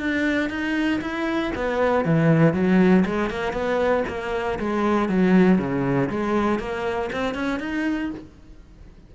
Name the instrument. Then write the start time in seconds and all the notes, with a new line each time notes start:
cello
0.00 D4
0.50 D#4
1.02 E4
1.56 B3
2.05 E3
2.54 F#3
3.06 G#3
3.31 A#3
3.53 B3
4.08 A#3
4.59 G#3
5.09 F#3
5.59 C#3
6.10 G#3
6.60 A#3
7.13 C4
7.35 C#4
7.60 D#4